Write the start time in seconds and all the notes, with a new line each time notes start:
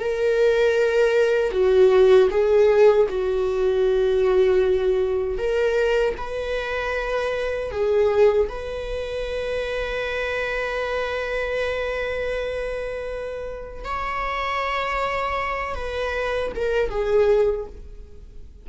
0.00 A#4
1.52 F#4
2.31 G#4
3.09 F#4
5.38 A#4
6.17 B4
7.72 G#4
8.49 B4
13.85 C#5
15.75 B4
16.56 A#4
16.90 G#4